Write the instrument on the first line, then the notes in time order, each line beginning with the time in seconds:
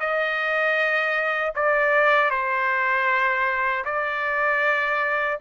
trumpet
0.00 D#5
1.56 D5
2.31 C5
3.85 D5